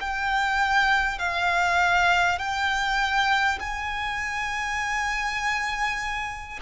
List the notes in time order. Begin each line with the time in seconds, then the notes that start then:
0.00 G5
1.18 F5
2.39 G5
3.59 G#5